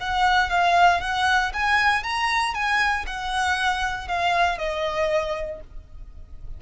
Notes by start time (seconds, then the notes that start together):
0.00 F#5
0.50 F5
1.01 F#5
1.53 G#5
2.03 A#5
2.54 G#5
3.06 F#5
4.07 F5
4.58 D#5